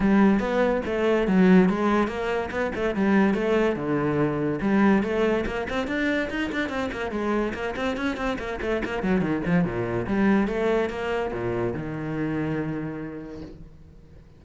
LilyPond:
\new Staff \with { instrumentName = "cello" } { \time 4/4 \tempo 4 = 143 g4 b4 a4 fis4 | gis4 ais4 b8 a8 g4 | a4 d2 g4 | a4 ais8 c'8 d'4 dis'8 d'8 |
c'8 ais8 gis4 ais8 c'8 cis'8 c'8 | ais8 a8 ais8 fis8 dis8 f8 ais,4 | g4 a4 ais4 ais,4 | dis1 | }